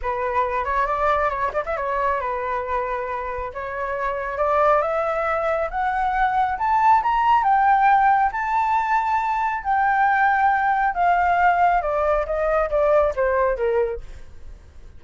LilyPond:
\new Staff \with { instrumentName = "flute" } { \time 4/4 \tempo 4 = 137 b'4. cis''8 d''4 cis''8 d''16 e''16 | cis''4 b'2. | cis''2 d''4 e''4~ | e''4 fis''2 a''4 |
ais''4 g''2 a''4~ | a''2 g''2~ | g''4 f''2 d''4 | dis''4 d''4 c''4 ais'4 | }